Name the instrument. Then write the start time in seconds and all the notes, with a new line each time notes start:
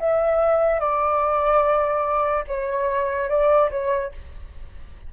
flute
0.00 E5
0.80 D5
2.48 C#5
3.30 D5
3.71 C#5